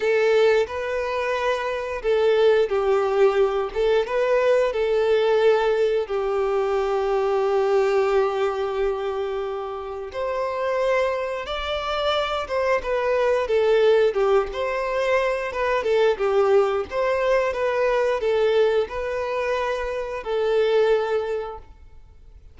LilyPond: \new Staff \with { instrumentName = "violin" } { \time 4/4 \tempo 4 = 89 a'4 b'2 a'4 | g'4. a'8 b'4 a'4~ | a'4 g'2.~ | g'2. c''4~ |
c''4 d''4. c''8 b'4 | a'4 g'8 c''4. b'8 a'8 | g'4 c''4 b'4 a'4 | b'2 a'2 | }